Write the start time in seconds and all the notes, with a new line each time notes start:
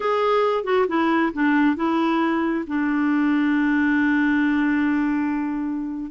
0.00 G#4
0.64 F#4
0.87 E4
1.33 D4
1.76 E4
2.67 D4